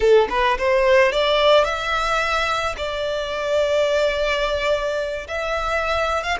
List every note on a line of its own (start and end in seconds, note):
0.00 0.28 A4
0.29 0.57 B4
0.58 1.12 C5
1.12 1.64 D5
1.64 2.75 E5
2.77 5.27 D5
5.27 6.23 E5
6.23 6.37 F5